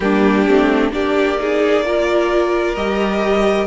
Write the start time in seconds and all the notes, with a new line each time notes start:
0.00 G3 A#3 D4 G4
0.47 A3 C4
0.91 A#3 D4 G4 D5
1.38 D#4 G#4
1.84 F4 A#4
2.75 G3 G4 D#5